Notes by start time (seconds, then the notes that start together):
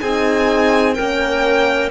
0.00 C4 D#4 G#4 G#5
0.94 A#3 C#4 A#4 G5